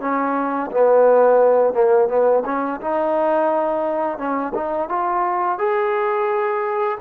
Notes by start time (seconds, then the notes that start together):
0.00 C#4
0.71 B3
1.73 A#3
2.08 B3
2.45 C#4
2.80 D#4
4.18 C#4
4.54 D#4
4.88 F4
5.58 G#4